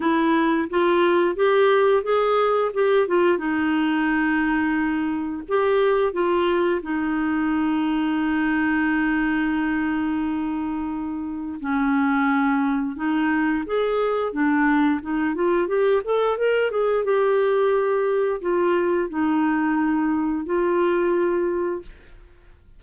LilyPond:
\new Staff \with { instrumentName = "clarinet" } { \time 4/4 \tempo 4 = 88 e'4 f'4 g'4 gis'4 | g'8 f'8 dis'2. | g'4 f'4 dis'2~ | dis'1~ |
dis'4 cis'2 dis'4 | gis'4 d'4 dis'8 f'8 g'8 a'8 | ais'8 gis'8 g'2 f'4 | dis'2 f'2 | }